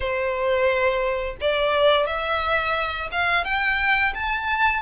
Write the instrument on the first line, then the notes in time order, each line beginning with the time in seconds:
violin
0.00 C5
1.40 D5
2.06 E5
3.11 F5
3.44 G5
4.14 A5